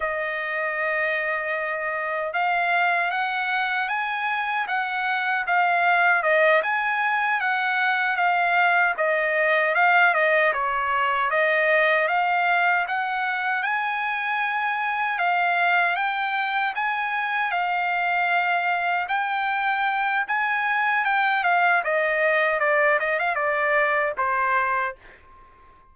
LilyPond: \new Staff \with { instrumentName = "trumpet" } { \time 4/4 \tempo 4 = 77 dis''2. f''4 | fis''4 gis''4 fis''4 f''4 | dis''8 gis''4 fis''4 f''4 dis''8~ | dis''8 f''8 dis''8 cis''4 dis''4 f''8~ |
f''8 fis''4 gis''2 f''8~ | f''8 g''4 gis''4 f''4.~ | f''8 g''4. gis''4 g''8 f''8 | dis''4 d''8 dis''16 f''16 d''4 c''4 | }